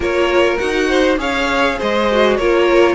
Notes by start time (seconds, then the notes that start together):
0.00 A#3 F4 A#4 C#5
0.58 D#4 F#4 F#5
0.88 C5
1.17 C#4 G#4 C#5 F5
1.78 G#3 C5 D#5
2.11 F#4
2.36 A#3 F4 A#4 C#5